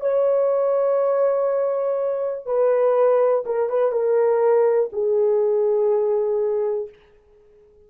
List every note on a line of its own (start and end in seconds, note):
0.00 2.46 C#5
2.46 3.44 B4
3.46 3.69 A#4
3.69 3.92 B4
3.92 4.90 A#4
4.92 6.89 G#4